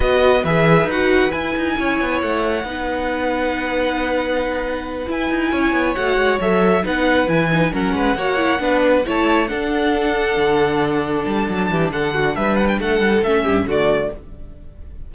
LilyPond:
<<
  \new Staff \with { instrumentName = "violin" } { \time 4/4 \tempo 4 = 136 dis''4 e''4 fis''4 gis''4~ | gis''4 fis''2.~ | fis''2.~ fis''8 gis''8~ | gis''4. fis''4 e''4 fis''8~ |
fis''8 gis''4 fis''2~ fis''8~ | fis''8 a''4 fis''2~ fis''8~ | fis''4. a''4. fis''4 | e''8 fis''16 g''16 fis''4 e''4 d''4 | }
  \new Staff \with { instrumentName = "violin" } { \time 4/4 b'1 | cis''2 b'2~ | b'1~ | b'8 cis''2. b'8~ |
b'4. ais'8 b'8 cis''4 b'8~ | b'8 cis''4 a'2~ a'8~ | a'2~ a'8 g'8 a'8 fis'8 | b'4 a'4. g'8 fis'4 | }
  \new Staff \with { instrumentName = "viola" } { \time 4/4 fis'4 gis'4 fis'4 e'4~ | e'2 dis'2~ | dis'2.~ dis'8 e'8~ | e'4. fis'4 a'4 dis'8~ |
dis'8 e'8 dis'8 cis'4 fis'8 e'8 d'8~ | d'8 e'4 d'2~ d'8~ | d'1~ | d'2 cis'4 a4 | }
  \new Staff \with { instrumentName = "cello" } { \time 4/4 b4 e4 dis'4 e'8 dis'8 | cis'8 b8 a4 b2~ | b2.~ b8 e'8 | dis'8 cis'8 b8 a8 gis8 fis4 b8~ |
b8 e4 fis8 gis8 ais4 b8~ | b8 a4 d'2 d8~ | d4. g8 fis8 e8 d4 | g4 a8 g8 a8 g,8 d4 | }
>>